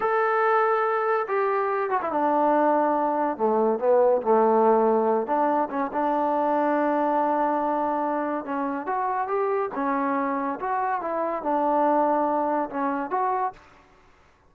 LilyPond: \new Staff \with { instrumentName = "trombone" } { \time 4/4 \tempo 4 = 142 a'2. g'4~ | g'8 fis'16 e'16 d'2. | a4 b4 a2~ | a8 d'4 cis'8 d'2~ |
d'1 | cis'4 fis'4 g'4 cis'4~ | cis'4 fis'4 e'4 d'4~ | d'2 cis'4 fis'4 | }